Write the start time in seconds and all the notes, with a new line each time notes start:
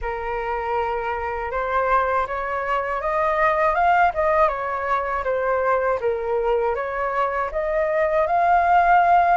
0.01 A#4
1.51 C5
2.26 C#5
3.01 D#5
3.74 F5
4.14 D#5
4.48 C#5
5.24 C5
6.00 A#4
6.75 C#5
7.51 D#5
8.27 F5